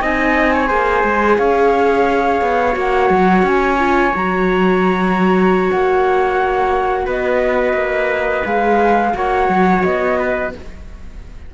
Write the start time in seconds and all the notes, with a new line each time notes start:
0.00 C4 D#4 D#5 G#5
0.53 C#5
0.67 A#3 G#4 C5
1.03 G#3
1.37 C#4 C#5 F5
2.41 B3
2.72 A#3 F#4 F#5
3.09 F#3
3.42 C#4 G#5
3.78 F4
4.14 F#3 F#4 A#5
5.70 A#3 F#5
7.05 B3 B4 D#5
7.73 A#3
8.45 G#3 G#4 F5
9.12 A#3 F#4 C#5 F#5
9.48 F#3
9.83 B3 D#5
10.18 B4